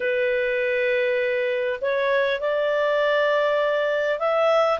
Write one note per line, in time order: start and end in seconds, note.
0.00 1.80 B4
1.81 2.40 C#5
2.40 4.19 D5
4.19 4.79 E5